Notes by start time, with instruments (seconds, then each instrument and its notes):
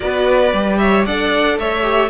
0.00 cello B3, viola F#4, violin B4 D5
0.53 cello G3, viola G4
0.78 violin C#5 E5
1.05 cello D4, viola A4, violin D5 F#5
1.58 cello A3, violin C#5 E5
1.82 viola G4